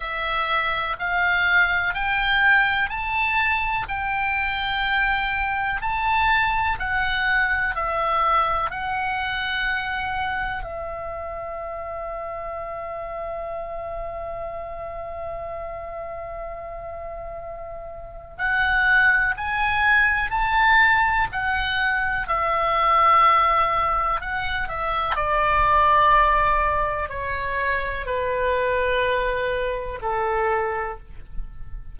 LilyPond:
\new Staff \with { instrumentName = "oboe" } { \time 4/4 \tempo 4 = 62 e''4 f''4 g''4 a''4 | g''2 a''4 fis''4 | e''4 fis''2 e''4~ | e''1~ |
e''2. fis''4 | gis''4 a''4 fis''4 e''4~ | e''4 fis''8 e''8 d''2 | cis''4 b'2 a'4 | }